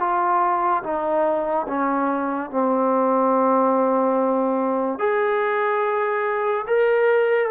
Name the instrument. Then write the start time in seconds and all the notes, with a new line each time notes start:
trombone
0.00 F4
0.83 D#4
1.68 C#4
2.51 C4
4.99 G#4
6.67 A#4